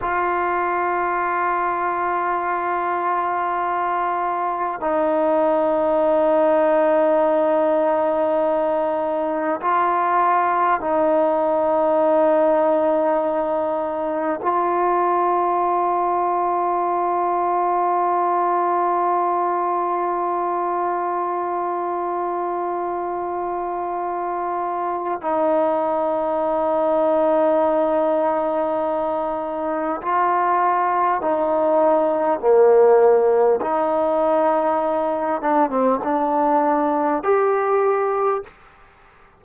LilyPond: \new Staff \with { instrumentName = "trombone" } { \time 4/4 \tempo 4 = 50 f'1 | dis'1 | f'4 dis'2. | f'1~ |
f'1~ | f'4 dis'2.~ | dis'4 f'4 dis'4 ais4 | dis'4. d'16 c'16 d'4 g'4 | }